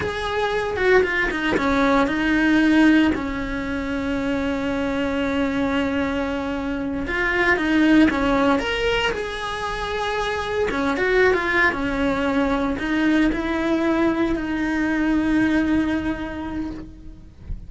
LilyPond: \new Staff \with { instrumentName = "cello" } { \time 4/4 \tempo 4 = 115 gis'4. fis'8 f'8 dis'8 cis'4 | dis'2 cis'2~ | cis'1~ | cis'4. f'4 dis'4 cis'8~ |
cis'8 ais'4 gis'2~ gis'8~ | gis'8 cis'8 fis'8. f'8. cis'4.~ | cis'8 dis'4 e'2 dis'8~ | dis'1 | }